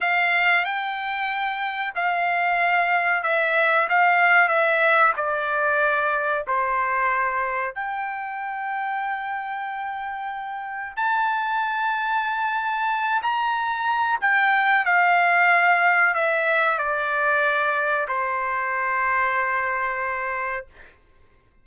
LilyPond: \new Staff \with { instrumentName = "trumpet" } { \time 4/4 \tempo 4 = 93 f''4 g''2 f''4~ | f''4 e''4 f''4 e''4 | d''2 c''2 | g''1~ |
g''4 a''2.~ | a''8 ais''4. g''4 f''4~ | f''4 e''4 d''2 | c''1 | }